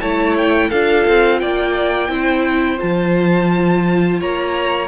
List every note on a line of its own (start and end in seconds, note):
0.00 0.71 A3
0.00 0.72 E4
0.00 0.69 C#5
0.00 0.35 A5
0.37 0.71 G5
0.69 1.07 D4
0.69 2.09 F4
0.69 1.39 A4
0.69 1.40 F5
1.08 1.42 C4
1.40 2.09 A#3
1.40 2.11 D5
1.40 2.79 G5
2.09 2.79 C4
2.09 2.78 E4
2.09 4.20 C5
2.78 4.22 F3
2.78 4.87 F4
2.78 4.20 A5
4.20 4.88 A#3
4.20 4.88 C#5
4.20 4.88 A#5